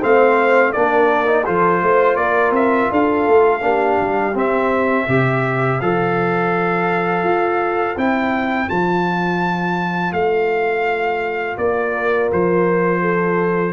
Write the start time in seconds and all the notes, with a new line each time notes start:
0.00 A3 C4 C5 F5
0.73 A#3 D4 A#4 D5
1.27 D#4
1.46 F3 F4 A4 C5
1.83 A3 C5
2.16 A#3 A#4 D5
2.51 C4 E5
2.91 D4 A4 F5
3.28 A3
3.62 A#3 D4 G4
4.01 G3
4.35 C4 E5
5.07 C3 G4 C5
5.81 F3 A4 F5
7.24 F4
7.97 C4 E4 G5
8.68 F3 F4 A5
10.13 A3 F5
11.58 A#3 D5
11.94 A#4
12.33 F3 C5
13.02 A4